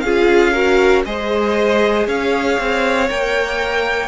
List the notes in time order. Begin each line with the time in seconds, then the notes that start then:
0.00 C#4 F4 G#4 F5
0.52 F#4 A#4
1.05 G#3 G#4 C5 D#5
2.07 C#4 C#5 F5
2.58 C4
3.08 A#3 A#4 G5